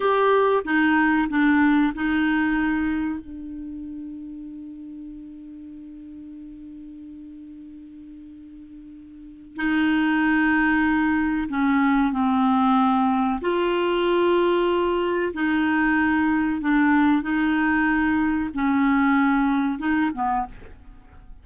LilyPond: \new Staff \with { instrumentName = "clarinet" } { \time 4/4 \tempo 4 = 94 g'4 dis'4 d'4 dis'4~ | dis'4 d'2.~ | d'1~ | d'2. dis'4~ |
dis'2 cis'4 c'4~ | c'4 f'2. | dis'2 d'4 dis'4~ | dis'4 cis'2 dis'8 b8 | }